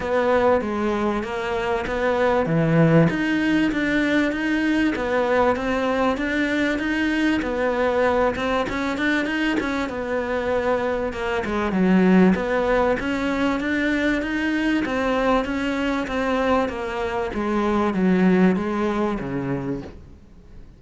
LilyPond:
\new Staff \with { instrumentName = "cello" } { \time 4/4 \tempo 4 = 97 b4 gis4 ais4 b4 | e4 dis'4 d'4 dis'4 | b4 c'4 d'4 dis'4 | b4. c'8 cis'8 d'8 dis'8 cis'8 |
b2 ais8 gis8 fis4 | b4 cis'4 d'4 dis'4 | c'4 cis'4 c'4 ais4 | gis4 fis4 gis4 cis4 | }